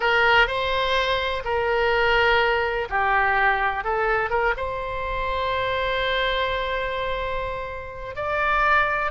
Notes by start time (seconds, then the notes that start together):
0.00 A#4
0.47 C5
1.44 A#4
2.89 G4
3.84 A4
4.30 A#4
4.56 C5
8.15 D5